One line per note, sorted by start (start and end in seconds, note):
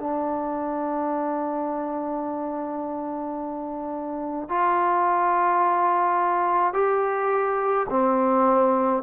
0.00 4.49 D4
4.49 6.74 F4
6.74 7.87 G4
7.90 9.03 C4